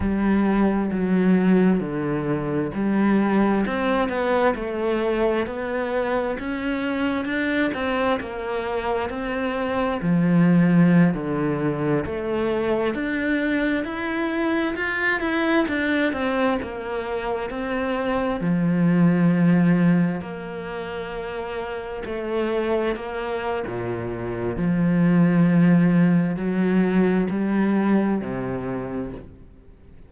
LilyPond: \new Staff \with { instrumentName = "cello" } { \time 4/4 \tempo 4 = 66 g4 fis4 d4 g4 | c'8 b8 a4 b4 cis'4 | d'8 c'8 ais4 c'4 f4~ | f16 d4 a4 d'4 e'8.~ |
e'16 f'8 e'8 d'8 c'8 ais4 c'8.~ | c'16 f2 ais4.~ ais16~ | ais16 a4 ais8. ais,4 f4~ | f4 fis4 g4 c4 | }